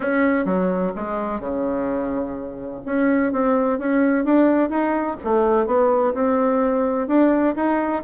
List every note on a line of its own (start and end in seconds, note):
0.00 0.45 C#4
0.45 0.92 F#3
0.95 1.40 G#3
1.40 2.81 C#3
2.85 3.32 C#4
3.32 3.79 C4
3.79 4.24 C#4
4.24 4.69 D4
4.69 5.16 D#4
5.23 5.66 A3
5.66 6.13 B3
6.14 7.07 C4
7.07 7.54 D4
7.55 8.03 D#4